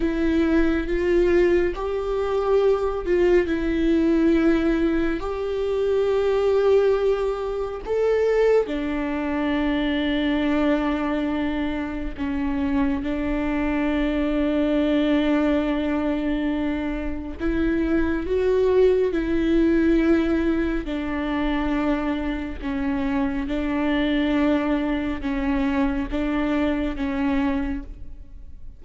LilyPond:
\new Staff \with { instrumentName = "viola" } { \time 4/4 \tempo 4 = 69 e'4 f'4 g'4. f'8 | e'2 g'2~ | g'4 a'4 d'2~ | d'2 cis'4 d'4~ |
d'1 | e'4 fis'4 e'2 | d'2 cis'4 d'4~ | d'4 cis'4 d'4 cis'4 | }